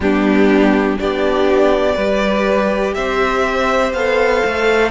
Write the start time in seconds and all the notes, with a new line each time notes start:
0.00 G3 B3 D4 G4
0.97 B3 D4 G4 D5
1.94 G3 G4 B4
2.94 C4 C5 E5
3.93 B3 A4 F5
4.45 A3